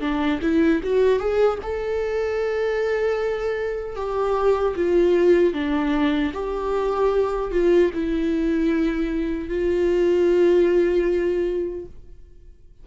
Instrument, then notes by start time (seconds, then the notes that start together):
viola
0.00 D4
0.41 E4
0.83 F#4
1.19 G#4
1.62 A4
3.95 G4
4.75 F4
5.53 D4
6.33 G4
7.51 F4
7.93 E4
9.48 F4